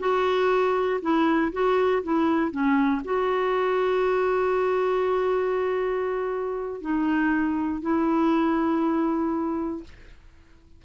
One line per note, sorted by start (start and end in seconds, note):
0.00 1.01 F#4
1.02 1.52 E4
1.53 2.03 F#4
2.04 2.51 E4
2.51 3.02 C#4
3.05 6.82 F#4
6.82 7.82 D#4
7.82 9.84 E4